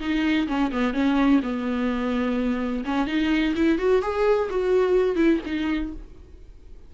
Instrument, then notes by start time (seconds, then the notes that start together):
viola
0.00 D#4
0.48 C#4
0.72 B3
0.94 C#4
1.43 B3
2.85 C#4
3.07 D#4
3.56 E4
3.78 F#4
4.02 G#4
4.50 F#4
5.16 E4
5.45 D#4